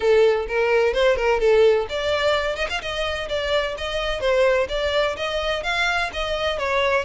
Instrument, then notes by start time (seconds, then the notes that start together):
violin
0.00 A4
0.48 A#4
0.93 C5
1.16 A#4
1.40 A4
1.89 D5
2.56 D#5
2.69 F5
2.81 D#5
3.28 D5
3.77 D#5
4.20 C5
4.69 D5
5.16 D#5
5.63 F5
6.13 D#5
6.58 C#5